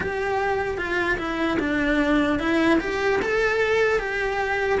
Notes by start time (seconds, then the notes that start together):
0.00 G4
0.77 F4
1.18 E4
1.59 D4
2.39 E4
2.80 G4
3.21 A4
3.99 G4